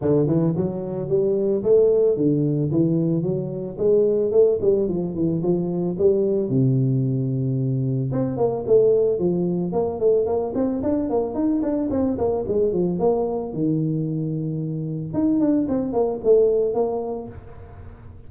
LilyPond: \new Staff \with { instrumentName = "tuba" } { \time 4/4 \tempo 4 = 111 d8 e8 fis4 g4 a4 | d4 e4 fis4 gis4 | a8 g8 f8 e8 f4 g4 | c2. c'8 ais8 |
a4 f4 ais8 a8 ais8 c'8 | d'8 ais8 dis'8 d'8 c'8 ais8 gis8 f8 | ais4 dis2. | dis'8 d'8 c'8 ais8 a4 ais4 | }